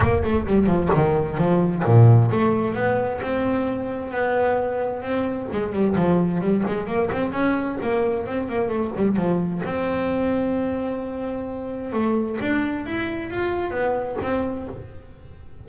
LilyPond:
\new Staff \with { instrumentName = "double bass" } { \time 4/4 \tempo 4 = 131 ais8 a8 g8 f8 dis4 f4 | ais,4 a4 b4 c'4~ | c'4 b2 c'4 | gis8 g8 f4 g8 gis8 ais8 c'8 |
cis'4 ais4 c'8 ais8 a8 g8 | f4 c'2.~ | c'2 a4 d'4 | e'4 f'4 b4 c'4 | }